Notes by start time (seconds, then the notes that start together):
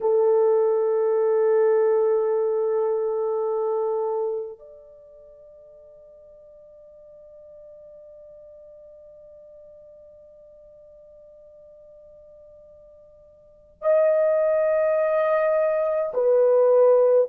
0.00 A4
4.59 D5
13.81 D#5
16.13 B4